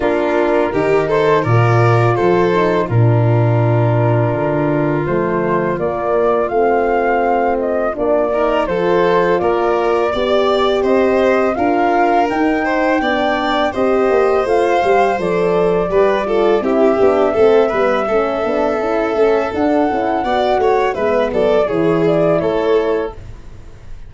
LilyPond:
<<
  \new Staff \with { instrumentName = "flute" } { \time 4/4 \tempo 4 = 83 ais'4. c''8 d''4 c''4 | ais'2. c''4 | d''4 f''4. dis''8 d''4 | c''4 d''2 dis''4 |
f''4 g''2 dis''4 | f''4 d''2 e''4~ | e''2. fis''4~ | fis''4 e''8 d''8 cis''8 d''8 cis''4 | }
  \new Staff \with { instrumentName = "violin" } { \time 4/4 f'4 g'8 a'8 ais'4 a'4 | f'1~ | f'2.~ f'8 ais'8 | a'4 ais'4 d''4 c''4 |
ais'4. c''8 d''4 c''4~ | c''2 b'8 a'8 g'4 | a'8 b'8 a'2. | d''8 cis''8 b'8 a'8 gis'4 a'4 | }
  \new Staff \with { instrumentName = "horn" } { \time 4/4 d'4 dis'4 f'4. dis'8 | d'2. a4 | ais4 c'2 d'8 dis'8 | f'2 g'2 |
f'4 dis'4 d'4 g'4 | f'8 g'8 a'4 g'8 f'8 e'8 d'8 | c'8 b8 cis'8 d'8 e'8 cis'8 d'8 e'8 | fis'4 b4 e'2 | }
  \new Staff \with { instrumentName = "tuba" } { \time 4/4 ais4 dis4 ais,4 f4 | ais,2 d4 f4 | ais4 a2 ais4 | f4 ais4 b4 c'4 |
d'4 dis'4 b4 c'8 ais8 | a8 g8 f4 g4 c'8 b8 | a8 g8 a8 b8 cis'8 a8 d'8 cis'8 | b8 a8 gis8 fis8 e4 a4 | }
>>